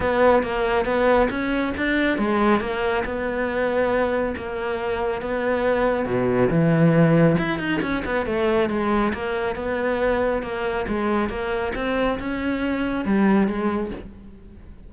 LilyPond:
\new Staff \with { instrumentName = "cello" } { \time 4/4 \tempo 4 = 138 b4 ais4 b4 cis'4 | d'4 gis4 ais4 b4~ | b2 ais2 | b2 b,4 e4~ |
e4 e'8 dis'8 cis'8 b8 a4 | gis4 ais4 b2 | ais4 gis4 ais4 c'4 | cis'2 g4 gis4 | }